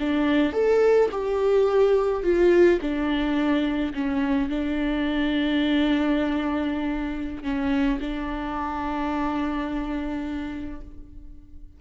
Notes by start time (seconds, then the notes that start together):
0.00 D4
0.53 A4
1.12 G4
2.24 F4
2.82 D4
3.94 C#4
4.50 D4
7.43 C#4
8.01 D4